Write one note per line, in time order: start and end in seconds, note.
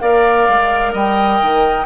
0.00 0.48 A#3
0.00 1.87 A#4
0.00 0.93 D5
0.00 0.94 F5
0.48 0.94 G#3
0.93 1.41 G3
0.93 1.87 D#5
0.93 1.87 G5
1.41 1.87 D#3